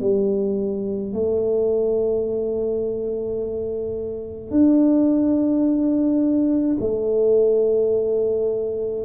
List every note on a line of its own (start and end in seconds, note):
0.00 1.13 G3
1.13 4.51 A3
4.51 6.77 D4
6.80 9.05 A3